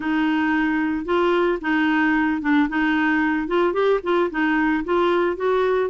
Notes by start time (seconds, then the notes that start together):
0.00 D#4
1.05 F4
1.61 D#4
2.41 D4
2.68 D#4
3.47 F4
3.73 G4
4.03 F4
4.30 D#4
4.84 F4
5.36 F#4